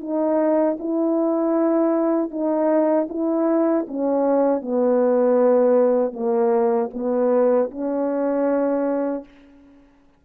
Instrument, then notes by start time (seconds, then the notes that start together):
horn
0.00 D#4
0.79 E4
2.31 D#4
3.09 E4
3.87 C#4
4.61 B3
6.13 A#3
6.93 B3
7.71 C#4